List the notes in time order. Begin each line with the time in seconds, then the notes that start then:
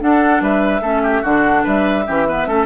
0.00 D4 A4 F#5
0.41 G3 B4 E5
0.82 A3 C#4 A4
1.04 G4
1.22 D3 D4 F#4 F#5
1.64 G3 B4 E5
2.06 E3 C#4 G4
2.27 B3 B4
2.47 A3 C#4 A4